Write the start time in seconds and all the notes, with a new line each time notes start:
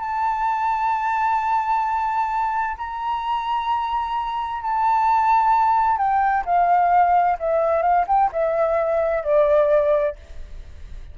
0.00 A5
2.77 A#5
4.62 A5
5.97 G5
6.46 F5
7.39 E5
7.83 F5
8.08 G5
8.32 E5
9.23 D5